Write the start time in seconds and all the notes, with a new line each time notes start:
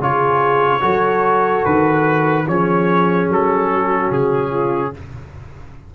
0.00 C#3 F4 G#4 C#5
0.81 F#3 F#4 A4
1.65 D#3 B4
2.47 F3 C#4 G#4 C#5
3.29 F#3 A4
3.73 F#4
4.11 C#3 G#4
4.51 F4